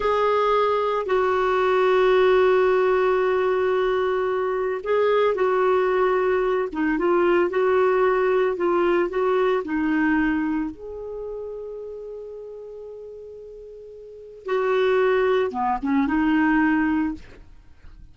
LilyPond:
\new Staff \with { instrumentName = "clarinet" } { \time 4/4 \tempo 4 = 112 gis'2 fis'2~ | fis'1~ | fis'4 gis'4 fis'2~ | fis'8 dis'8 f'4 fis'2 |
f'4 fis'4 dis'2 | gis'1~ | gis'2. fis'4~ | fis'4 b8 cis'8 dis'2 | }